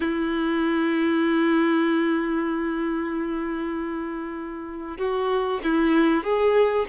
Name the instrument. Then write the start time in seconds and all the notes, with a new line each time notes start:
violin
0.00 E4
4.97 F#4
5.63 E4
6.23 G#4